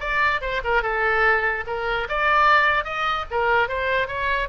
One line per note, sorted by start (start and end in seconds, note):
0.00 0.41 D5
0.41 0.62 C5
0.64 0.83 A#4
0.83 1.64 A4
1.67 2.07 A#4
2.09 2.84 D5
2.84 3.25 D#5
3.31 3.68 A#4
3.68 4.08 C5
4.08 4.48 C#5